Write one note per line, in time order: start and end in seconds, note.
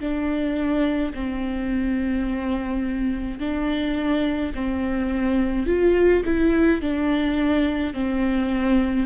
0.00 1.13 D4
1.14 3.39 C4
3.39 4.52 D4
4.54 5.66 C4
5.66 6.23 F4
6.25 6.81 E4
6.81 7.93 D4
7.93 9.06 C4